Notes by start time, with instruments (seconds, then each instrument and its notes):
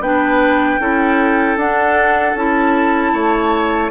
0.00 bassoon B3, clarinet D4, oboe B4, flute G5
0.80 bassoon C#4, clarinet E4, oboe A4
1.56 bassoon D4, clarinet D4, flute F#5
2.35 bassoon C#4, clarinet E4, flute A5
3.13 bassoon A3, oboe C#5